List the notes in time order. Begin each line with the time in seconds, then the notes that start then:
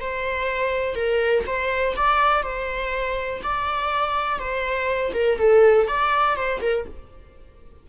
0.00 C5
0.95 A#4
1.46 C5
1.96 D5
2.42 C5
3.43 D5
4.38 C5
5.13 A#4
5.38 A4
5.87 D5
6.36 C5
6.61 A#4